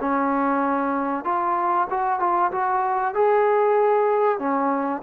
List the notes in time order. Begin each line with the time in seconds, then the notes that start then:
0.00 C#4
1.25 F4
1.90 F#4
2.20 F4
2.52 F#4
3.15 G#4
4.39 C#4